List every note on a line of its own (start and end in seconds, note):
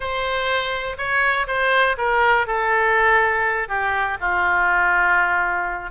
0.00 0.96 C5
0.97 1.46 C#5
1.47 1.96 C5
1.97 2.46 A#4
2.47 3.68 A4
3.68 4.17 G4
4.20 5.90 F4